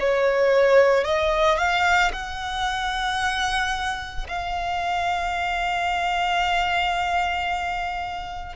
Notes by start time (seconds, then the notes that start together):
0.00 C#5
1.04 D#5
1.58 F5
2.13 F#5
4.28 F5